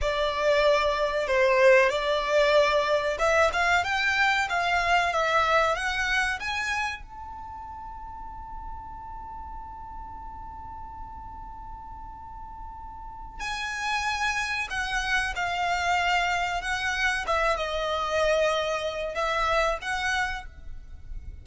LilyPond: \new Staff \with { instrumentName = "violin" } { \time 4/4 \tempo 4 = 94 d''2 c''4 d''4~ | d''4 e''8 f''8 g''4 f''4 | e''4 fis''4 gis''4 a''4~ | a''1~ |
a''1~ | a''4 gis''2 fis''4 | f''2 fis''4 e''8 dis''8~ | dis''2 e''4 fis''4 | }